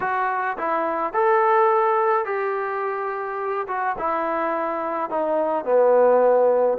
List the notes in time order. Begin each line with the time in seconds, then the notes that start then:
0.00 F#4
0.57 E4
1.13 A4
2.25 G4
3.67 F#4
3.98 E4
5.09 D#4
5.64 B3